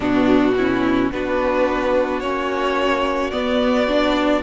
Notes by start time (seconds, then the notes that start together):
0.00 B2 B3 D4 F#4
0.57 C#4 E4
1.12 B3 D4 F#4 B4
2.20 A#3 C#4 C#5
3.30 B3 D5
3.88 D4